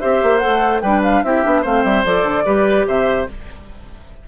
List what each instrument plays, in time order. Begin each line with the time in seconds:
0.00 bassoon C4, clarinet G4, oboe C5, flute E5
0.23 bassoon A#3
0.39 clarinet A4, flute F#5
0.47 bassoon A3
0.81 bassoon G3, clarinet D4, oboe B4, flute G5
1.03 flute F5
1.24 bassoon C4, clarinet E4, oboe G4, flute E5
1.43 bassoon B3, clarinet D4
1.62 bassoon A3, clarinet C4, oboe C5, flute F5
1.85 bassoon G3, flute E5
2.05 bassoon F3, clarinet A4, flute D5
2.24 bassoon D3
2.46 bassoon G3, clarinet G4, oboe B4
2.87 bassoon C3, oboe C5, flute E5